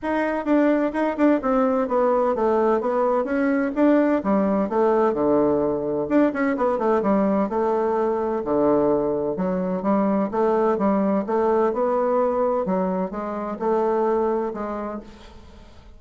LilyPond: \new Staff \with { instrumentName = "bassoon" } { \time 4/4 \tempo 4 = 128 dis'4 d'4 dis'8 d'8 c'4 | b4 a4 b4 cis'4 | d'4 g4 a4 d4~ | d4 d'8 cis'8 b8 a8 g4 |
a2 d2 | fis4 g4 a4 g4 | a4 b2 fis4 | gis4 a2 gis4 | }